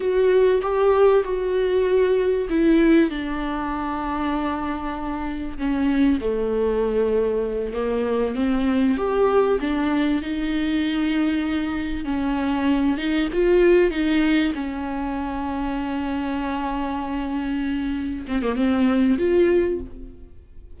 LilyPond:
\new Staff \with { instrumentName = "viola" } { \time 4/4 \tempo 4 = 97 fis'4 g'4 fis'2 | e'4 d'2.~ | d'4 cis'4 a2~ | a8 ais4 c'4 g'4 d'8~ |
d'8 dis'2. cis'8~ | cis'4 dis'8 f'4 dis'4 cis'8~ | cis'1~ | cis'4. c'16 ais16 c'4 f'4 | }